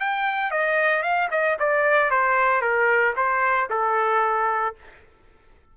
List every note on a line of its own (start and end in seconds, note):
0.00 0.51 G5
0.51 1.03 D#5
1.03 1.29 F5
1.31 1.57 D#5
1.59 2.11 D5
2.11 2.62 C5
2.62 3.14 A#4
3.16 3.69 C5
3.70 4.75 A4